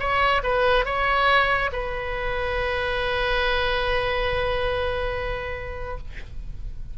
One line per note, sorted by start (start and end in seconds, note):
0.00 0.43 C#5
0.44 0.85 B4
0.85 1.71 C#5
1.73 5.98 B4